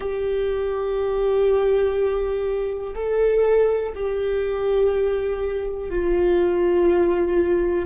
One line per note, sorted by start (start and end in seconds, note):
0.00 2.93 G4
2.94 3.93 A4
3.94 5.90 G4
5.90 7.85 F4